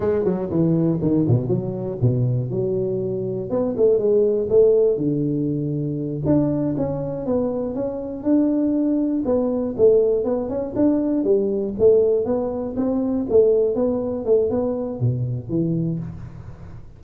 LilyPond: \new Staff \with { instrumentName = "tuba" } { \time 4/4 \tempo 4 = 120 gis8 fis8 e4 dis8 b,8 fis4 | b,4 fis2 b8 a8 | gis4 a4 d2~ | d8 d'4 cis'4 b4 cis'8~ |
cis'8 d'2 b4 a8~ | a8 b8 cis'8 d'4 g4 a8~ | a8 b4 c'4 a4 b8~ | b8 a8 b4 b,4 e4 | }